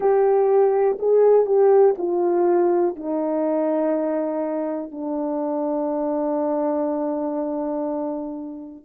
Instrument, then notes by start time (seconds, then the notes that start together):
horn
0.00 G4
0.98 G#4
1.46 G4
1.98 F4
2.96 D#4
4.91 D4